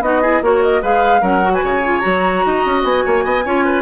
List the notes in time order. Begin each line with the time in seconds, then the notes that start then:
0.00 B3 D#4 F#4 D#5
0.21 E4 G#4
0.41 A#3 F#4 A#4 C#5
0.62 D#5
0.81 G#3 G#4 B4 F5
1.21 F#3 C#4 A#4 F#5
1.42 F#4
1.53 B4 G#5
1.63 C#3 C#5
1.83 F4
2.00 F#3 F#4 A#5
2.45 D#4 D#5
2.65 C#4
2.83 B3 G#5
3.04 A#3 C#5
3.24 B3 D#5
3.45 C#4 F4 C#5
3.64 B4